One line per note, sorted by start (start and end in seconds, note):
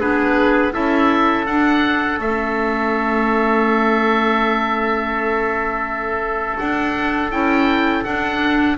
0.00 0.74 B3
0.00 0.72 D4
0.00 0.73 G#4
0.00 0.73 B4
0.72 1.46 C#4
0.72 1.45 E4
0.72 8.78 A4
0.72 1.46 E5
1.46 2.18 D4
1.46 2.21 D4
1.46 2.19 F#5
2.18 6.57 A3
2.18 6.60 C#4
2.18 6.59 E5
6.59 7.31 D4
6.59 7.31 F#5
7.31 8.04 C#4
7.31 8.04 E4
7.31 8.04 G5
8.04 8.77 D4
8.04 8.78 D4
8.04 8.77 F#5